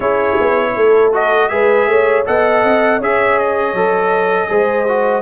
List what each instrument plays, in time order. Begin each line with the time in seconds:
0.00 tuba C#4, trombone E4, horn G#4, trumpet C#5
0.40 tuba B3
0.76 tuba A3, horn A4
1.12 trombone F#4, trumpet D#5
1.48 tuba G#3, trombone G#4, horn B4, trumpet E5
1.86 tuba A3, horn C#5
2.25 tuba B3, trombone A4, horn D#5, trumpet F#5
2.63 tuba C4
2.98 tuba C#4, trombone G#4, horn C#5, trumpet E5
3.39 trumpet D#5
3.73 tuba F#3, trombone A4
4.48 tuba G#3, trombone G#4, horn C5
4.88 trombone F#4